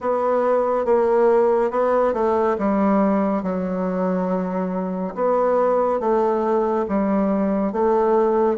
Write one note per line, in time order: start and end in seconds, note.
0.00 0.85 B3
0.85 1.70 A#3
1.71 2.14 B3
2.14 2.56 A3
2.58 3.42 G3
3.42 5.14 F#3
5.14 6.00 B3
6.00 6.85 A3
6.88 7.72 G3
7.72 8.57 A3